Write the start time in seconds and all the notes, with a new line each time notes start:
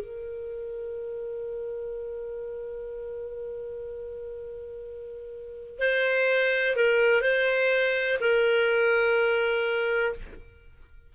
0.00 A#4
5.80 C5
6.76 A#4
7.22 C5
8.21 A#4